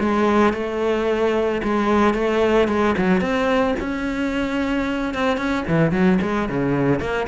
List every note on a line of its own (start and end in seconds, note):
0.00 0.54 G#3
0.54 1.62 A3
1.64 2.14 G#3
2.14 2.68 A3
2.68 2.95 G#3
2.98 3.21 F#3
3.21 3.75 C4
3.80 5.14 C#4
5.14 5.38 C4
5.38 5.65 C#4
5.68 5.92 E3
5.92 6.19 F#3
6.22 6.49 G#3
6.50 7.00 C#3
7.00 7.28 A#3